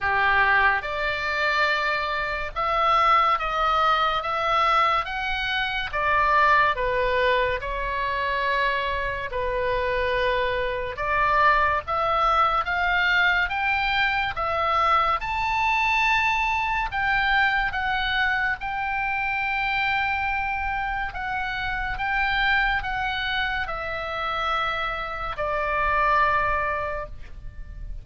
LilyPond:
\new Staff \with { instrumentName = "oboe" } { \time 4/4 \tempo 4 = 71 g'4 d''2 e''4 | dis''4 e''4 fis''4 d''4 | b'4 cis''2 b'4~ | b'4 d''4 e''4 f''4 |
g''4 e''4 a''2 | g''4 fis''4 g''2~ | g''4 fis''4 g''4 fis''4 | e''2 d''2 | }